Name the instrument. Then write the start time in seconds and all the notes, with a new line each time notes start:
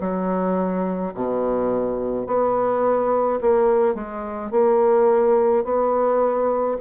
bassoon
0.00 F#3
1.14 B2
2.26 B3
3.41 A#3
3.94 G#3
4.50 A#3
5.64 B3